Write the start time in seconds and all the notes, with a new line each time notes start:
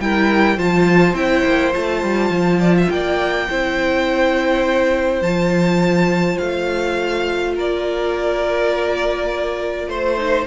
0.00 G3 E4 A#4 G5
0.57 F3 F4 C5 A5
1.14 C4 E4 G5
1.45 A#3
1.73 A3 F4 A5
2.04 G3
2.30 F3
2.60 D5
2.78 E5
2.90 A#3 D5 G5
3.49 C4 E4 C5
5.22 F3 F4 A5
6.38 A3 F5
7.56 A#3 A#4 D5
9.88 A3 C5
10.18 D#4